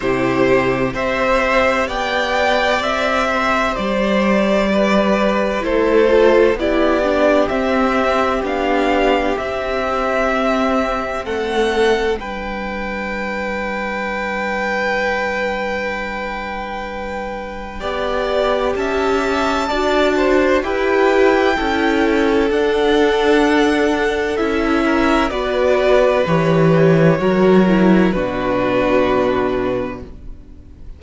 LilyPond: <<
  \new Staff \with { instrumentName = "violin" } { \time 4/4 \tempo 4 = 64 c''4 e''4 g''4 e''4 | d''2 c''4 d''4 | e''4 f''4 e''2 | fis''4 g''2.~ |
g''1 | a''2 g''2 | fis''2 e''4 d''4 | cis''2 b'2 | }
  \new Staff \with { instrumentName = "violin" } { \time 4/4 g'4 c''4 d''4. c''8~ | c''4 b'4 a'4 g'4~ | g'1 | a'4 b'2.~ |
b'2. d''4 | e''4 d''8 c''8 b'4 a'4~ | a'2~ a'8 ais'8 b'4~ | b'4 ais'4 fis'2 | }
  \new Staff \with { instrumentName = "viola" } { \time 4/4 e'4 g'2.~ | g'2 e'8 f'8 e'8 d'8 | c'4 d'4 c'2~ | c'4 d'2.~ |
d'2. g'4~ | g'4 fis'4 g'4 e'4 | d'2 e'4 fis'4 | g'4 fis'8 e'8 d'2 | }
  \new Staff \with { instrumentName = "cello" } { \time 4/4 c4 c'4 b4 c'4 | g2 a4 b4 | c'4 b4 c'2 | a4 g2.~ |
g2. b4 | cis'4 d'4 e'4 cis'4 | d'2 cis'4 b4 | e4 fis4 b,2 | }
>>